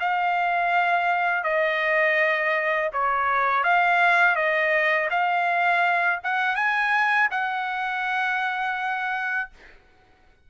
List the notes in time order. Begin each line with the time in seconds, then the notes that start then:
0.00 F5
1.44 D#5
2.93 C#5
3.64 F5
4.36 D#5
5.10 F5
6.24 F#5
6.56 G#5
7.31 F#5